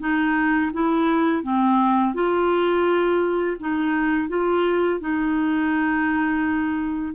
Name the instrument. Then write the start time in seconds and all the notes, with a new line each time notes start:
clarinet
0.00 D#4
0.73 E4
1.43 C4
2.14 F4
3.60 D#4
4.29 F4
5.00 D#4